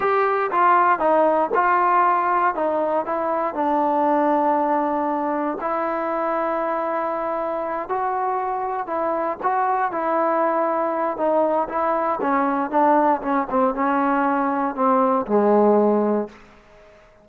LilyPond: \new Staff \with { instrumentName = "trombone" } { \time 4/4 \tempo 4 = 118 g'4 f'4 dis'4 f'4~ | f'4 dis'4 e'4 d'4~ | d'2. e'4~ | e'2.~ e'8 fis'8~ |
fis'4. e'4 fis'4 e'8~ | e'2 dis'4 e'4 | cis'4 d'4 cis'8 c'8 cis'4~ | cis'4 c'4 gis2 | }